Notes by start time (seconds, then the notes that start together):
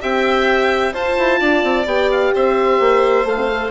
0.00 C4 G4 E5 G5
0.93 F4 C5 A5
1.18 E4
1.39 D4 D5
1.63 C4
1.85 B3 G4 G5
2.11 F5
2.34 C4 C5 E5
2.79 A#3
3.25 A3 A4 F5
3.36 C4
3.49 A4